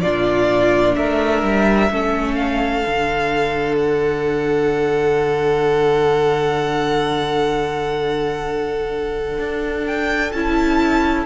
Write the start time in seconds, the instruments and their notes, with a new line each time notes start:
0.00 cello A#2, viola D4, violin F4 D5
0.96 cello A3, violin A#4 E5
1.42 cello G3
1.90 cello A3, viola C#4, violin A4
2.34 violin F5
2.84 cello D3, viola D4
3.77 violin F#5
9.38 cello D4
9.86 violin G5
10.32 cello C#4, viola E4, violin A5